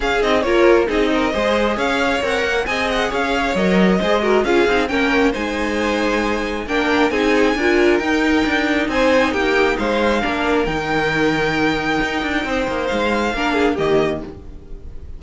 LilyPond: <<
  \new Staff \with { instrumentName = "violin" } { \time 4/4 \tempo 4 = 135 f''8 dis''8 cis''4 dis''2 | f''4 fis''4 gis''8 fis''8 f''4 | dis''2 f''4 g''4 | gis''2. g''4 |
gis''2 g''2 | gis''4 g''4 f''2 | g''1~ | g''4 f''2 dis''4 | }
  \new Staff \with { instrumentName = "violin" } { \time 4/4 gis'4 ais'4 gis'8 ais'8 c''4 | cis''2 dis''4 cis''4~ | cis''4 c''8 ais'8 gis'4 ais'4 | c''2. ais'4 |
gis'4 ais'2. | c''4 g'4 c''4 ais'4~ | ais'1 | c''2 ais'8 gis'8 g'4 | }
  \new Staff \with { instrumentName = "viola" } { \time 4/4 cis'8 dis'8 f'4 dis'4 gis'4~ | gis'4 ais'4 gis'2 | ais'4 gis'8 fis'8 f'8 dis'8 cis'4 | dis'2. d'4 |
dis'4 f'4 dis'2~ | dis'2. d'4 | dis'1~ | dis'2 d'4 ais4 | }
  \new Staff \with { instrumentName = "cello" } { \time 4/4 cis'8 c'8 ais4 c'4 gis4 | cis'4 c'8 ais8 c'4 cis'4 | fis4 gis4 cis'8 c'8 ais4 | gis2. ais4 |
c'4 d'4 dis'4 d'4 | c'4 ais4 gis4 ais4 | dis2. dis'8 d'8 | c'8 ais8 gis4 ais4 dis4 | }
>>